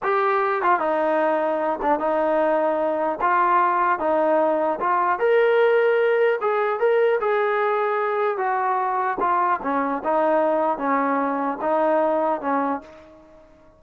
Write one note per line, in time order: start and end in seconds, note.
0.02 0.62 G4
0.62 0.79 F4
0.79 1.79 D#4
1.81 1.99 D4
1.99 3.19 D#4
3.21 3.99 F4
3.99 4.79 D#4
4.80 5.19 F4
5.19 6.39 A#4
6.41 6.79 G#4
6.79 7.19 A#4
7.20 8.37 G#4
8.37 9.17 F#4
9.20 9.60 F4
9.62 10.02 C#4
10.04 10.78 D#4
10.78 11.58 C#4
11.61 12.41 D#4
12.41 12.81 C#4